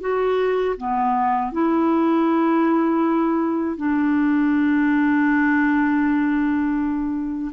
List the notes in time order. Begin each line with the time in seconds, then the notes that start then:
0.00 F#4
0.77 B3
1.52 E4
3.76 D4